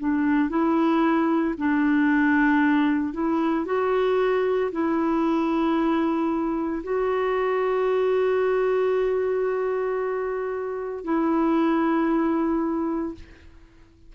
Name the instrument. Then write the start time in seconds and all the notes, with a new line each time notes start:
clarinet
0.00 D4
0.50 E4
1.58 D4
3.14 E4
3.66 F#4
4.72 E4
6.84 F#4
11.05 E4